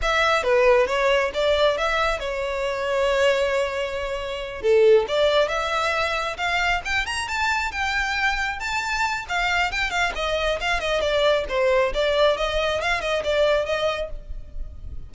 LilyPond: \new Staff \with { instrumentName = "violin" } { \time 4/4 \tempo 4 = 136 e''4 b'4 cis''4 d''4 | e''4 cis''2.~ | cis''2~ cis''8 a'4 d''8~ | d''8 e''2 f''4 g''8 |
ais''8 a''4 g''2 a''8~ | a''4 f''4 g''8 f''8 dis''4 | f''8 dis''8 d''4 c''4 d''4 | dis''4 f''8 dis''8 d''4 dis''4 | }